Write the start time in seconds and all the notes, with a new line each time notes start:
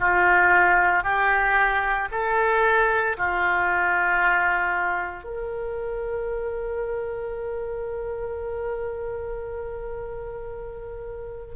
0.00 F4
1.04 G4
2.12 A4
3.18 F4
5.24 A#4